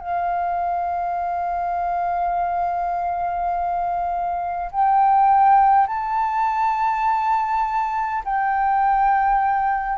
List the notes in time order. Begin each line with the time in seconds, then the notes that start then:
0.00 F5
4.71 G5
5.87 A5
8.25 G5